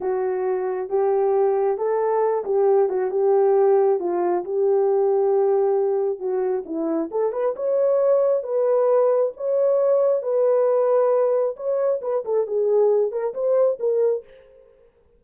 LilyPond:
\new Staff \with { instrumentName = "horn" } { \time 4/4 \tempo 4 = 135 fis'2 g'2 | a'4. g'4 fis'8 g'4~ | g'4 f'4 g'2~ | g'2 fis'4 e'4 |
a'8 b'8 cis''2 b'4~ | b'4 cis''2 b'4~ | b'2 cis''4 b'8 a'8 | gis'4. ais'8 c''4 ais'4 | }